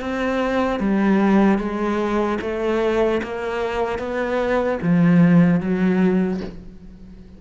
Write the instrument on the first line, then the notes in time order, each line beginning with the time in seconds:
cello
0.00 C4
0.79 G3
1.58 G#3
2.41 A3
3.22 A#3
3.98 B3
4.81 F3
5.60 F#3